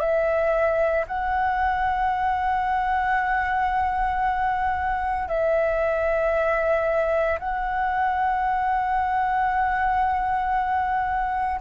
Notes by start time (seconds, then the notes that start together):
0.00 E5
1.08 F#5
5.28 E5
7.40 F#5